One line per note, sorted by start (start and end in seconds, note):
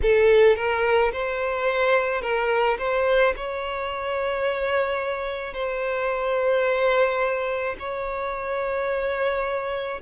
0.02 0.56 A4
0.56 1.11 A#4
1.12 2.21 C5
2.21 2.77 A#4
2.78 3.33 C5
3.36 5.53 C#5
5.53 7.75 C5
7.79 10.01 C#5